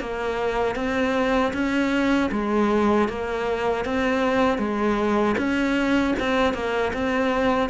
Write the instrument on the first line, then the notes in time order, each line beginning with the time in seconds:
cello
0.00 A#3
0.75 C4
1.53 C#4
2.31 G#3
3.08 A#3
3.85 C4
4.58 G#3
5.38 C#4
6.19 C4
6.53 A#3
6.93 C4